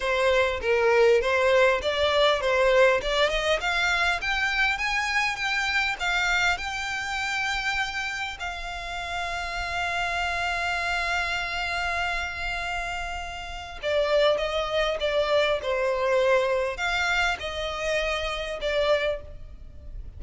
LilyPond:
\new Staff \with { instrumentName = "violin" } { \time 4/4 \tempo 4 = 100 c''4 ais'4 c''4 d''4 | c''4 d''8 dis''8 f''4 g''4 | gis''4 g''4 f''4 g''4~ | g''2 f''2~ |
f''1~ | f''2. d''4 | dis''4 d''4 c''2 | f''4 dis''2 d''4 | }